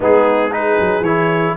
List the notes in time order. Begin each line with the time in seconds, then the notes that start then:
0.00 G#3 B3 D#4 G#4
0.51 D#4 G#4 B4
0.79 F#3
1.00 E3 E4 C#5